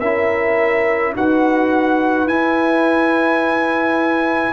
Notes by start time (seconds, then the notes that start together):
0.00 C#4 E4 A#4 E5
1.16 D#4 F#4 B4 F#5
2.26 E4 G#5